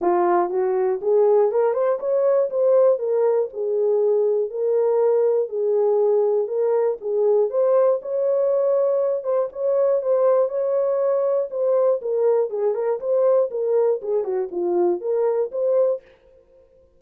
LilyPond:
\new Staff \with { instrumentName = "horn" } { \time 4/4 \tempo 4 = 120 f'4 fis'4 gis'4 ais'8 c''8 | cis''4 c''4 ais'4 gis'4~ | gis'4 ais'2 gis'4~ | gis'4 ais'4 gis'4 c''4 |
cis''2~ cis''8 c''8 cis''4 | c''4 cis''2 c''4 | ais'4 gis'8 ais'8 c''4 ais'4 | gis'8 fis'8 f'4 ais'4 c''4 | }